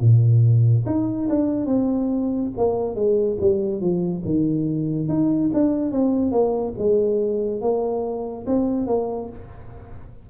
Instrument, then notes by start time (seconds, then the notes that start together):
tuba
0.00 A#2
0.86 D#4
1.29 D4
1.66 C4
2.57 A#3
2.95 G#3
3.40 G3
3.80 F3
4.24 D#3
5.08 D#4
5.53 D4
5.92 C4
6.31 A#3
6.78 G#3
7.61 A#3
8.46 C4
8.87 A#3